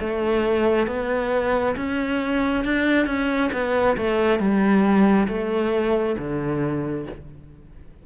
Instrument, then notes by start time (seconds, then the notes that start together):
cello
0.00 A3
0.87 B3
1.76 C#4
2.65 D4
3.06 C#4
3.53 B3
3.97 A3
4.40 G3
5.28 A3
6.18 D3